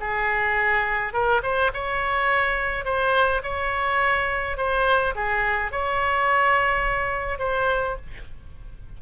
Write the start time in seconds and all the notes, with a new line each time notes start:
0.00 G#4
1.13 A#4
1.42 C5
1.73 C#5
2.84 C5
3.43 C#5
4.57 C5
5.15 G#4
5.71 C#5
7.39 C5